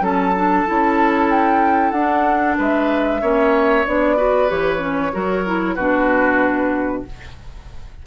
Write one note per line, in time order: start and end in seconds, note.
0.00 0.64 F#3
0.00 0.33 C#4
0.00 2.57 A4
0.00 1.30 A5
0.35 0.66 D4
0.66 1.92 C#4
0.66 1.94 E4
1.30 1.91 G5
1.91 2.56 D4
1.91 3.21 D4
1.91 2.55 F#5
2.57 3.22 G#3
2.57 3.21 B4
2.57 3.86 E5
3.21 3.85 A#3
3.21 3.85 C#4
3.21 4.16 C#5
3.86 4.50 B3
3.86 4.16 D4
3.86 4.50 D5
4.16 4.48 F#4
4.16 5.12 B4
4.48 5.14 E3
4.48 4.78 G4
4.48 5.75 C#5
4.78 5.10 C#4
5.12 5.76 F#3
5.12 5.44 F#4
5.12 5.75 A#4
5.45 5.77 E4
5.75 7.04 B2
5.75 7.06 D4
5.75 7.02 F#4
5.75 7.02 B4